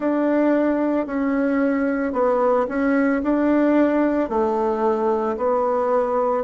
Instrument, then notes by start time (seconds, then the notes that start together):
bassoon
0.00 D4
1.06 C#4
2.12 B3
2.68 C#4
3.23 D4
4.29 A3
5.36 B3